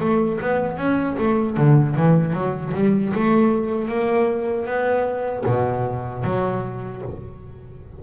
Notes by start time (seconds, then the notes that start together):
0.00 A3
0.41 B3
0.77 C#4
1.18 A3
1.56 D3
1.96 E3
2.33 F#3
2.74 G3
3.14 A3
3.88 A#3
4.66 B3
5.46 B2
6.24 F#3